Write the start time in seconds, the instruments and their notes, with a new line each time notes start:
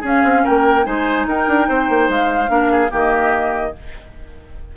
0.00 bassoon C#4, clarinet C#4, oboe G#4
0.07 flute F5
0.23 bassoon C4
0.43 bassoon A#3, oboe A#4, flute G5
0.83 bassoon G#3, clarinet D#4, oboe C5, flute G#5
1.26 bassoon D#4, oboe A#4, flute G5
1.47 bassoon D4
1.68 bassoon C4, oboe C5
1.89 bassoon A#3
2.08 bassoon G#3, flute F5
2.48 bassoon A#3, clarinet D4, oboe A#4
2.71 oboe G#4
2.90 bassoon D#3, clarinet A#3, oboe G4, flute D#5